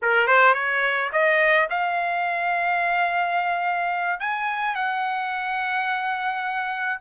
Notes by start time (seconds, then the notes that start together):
0.02 A#4
0.27 C5
0.54 C#5
1.12 D#5
1.69 F5
4.20 G#5
4.75 F#5